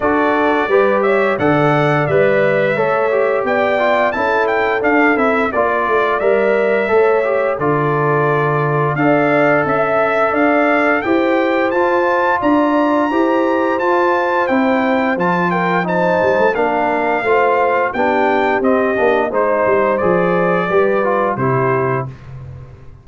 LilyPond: <<
  \new Staff \with { instrumentName = "trumpet" } { \time 4/4 \tempo 4 = 87 d''4. e''8 fis''4 e''4~ | e''4 g''4 a''8 g''8 f''8 e''8 | d''4 e''2 d''4~ | d''4 f''4 e''4 f''4 |
g''4 a''4 ais''2 | a''4 g''4 a''8 g''8 a''4 | f''2 g''4 dis''4 | c''4 d''2 c''4 | }
  \new Staff \with { instrumentName = "horn" } { \time 4/4 a'4 b'8 cis''8 d''2 | cis''4 d''4 a'2 | d''2 cis''4 a'4~ | a'4 d''4 e''4 d''4 |
c''2 d''4 c''4~ | c''2~ c''8 ais'8 c''4 | ais'4 c''4 g'2 | c''2 b'4 g'4 | }
  \new Staff \with { instrumentName = "trombone" } { \time 4/4 fis'4 g'4 a'4 b'4 | a'8 g'4 f'8 e'4 d'8 e'8 | f'4 ais'4 a'8 g'8 f'4~ | f'4 a'2. |
g'4 f'2 g'4 | f'4 e'4 f'4 dis'4 | d'4 f'4 d'4 c'8 d'8 | dis'4 gis'4 g'8 f'8 e'4 | }
  \new Staff \with { instrumentName = "tuba" } { \time 4/4 d'4 g4 d4 g4 | a4 b4 cis'4 d'8 c'8 | ais8 a8 g4 a4 d4~ | d4 d'4 cis'4 d'4 |
e'4 f'4 d'4 e'4 | f'4 c'4 f4. g16 a16 | ais4 a4 b4 c'8 ais8 | gis8 g8 f4 g4 c4 | }
>>